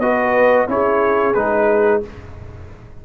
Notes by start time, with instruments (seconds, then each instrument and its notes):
0.00 tuba B3, trombone F#4, horn B4, trumpet D#5
0.68 tuba C#4, trombone E4, horn G#4, trumpet C#5
1.34 tuba G#3, trombone D#4, trumpet B4